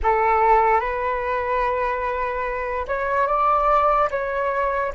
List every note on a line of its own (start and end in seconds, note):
0.02 0.80 A4
0.80 2.85 B4
2.87 3.27 C#5
3.27 4.09 D5
4.10 4.92 C#5